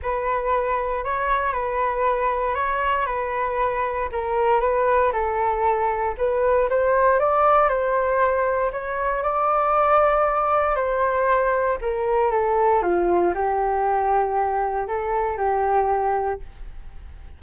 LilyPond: \new Staff \with { instrumentName = "flute" } { \time 4/4 \tempo 4 = 117 b'2 cis''4 b'4~ | b'4 cis''4 b'2 | ais'4 b'4 a'2 | b'4 c''4 d''4 c''4~ |
c''4 cis''4 d''2~ | d''4 c''2 ais'4 | a'4 f'4 g'2~ | g'4 a'4 g'2 | }